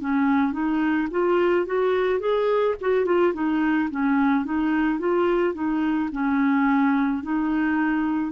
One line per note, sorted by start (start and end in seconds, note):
0.00 0.52 C#4
0.52 1.08 D#4
1.11 1.66 F4
1.66 2.19 F#4
2.19 2.75 G#4
2.80 3.05 F#4
3.05 3.33 F4
3.33 3.89 D#4
3.90 4.44 C#4
4.44 4.99 D#4
4.99 5.54 F4
5.54 6.09 D#4
6.12 7.22 C#4
7.22 8.32 D#4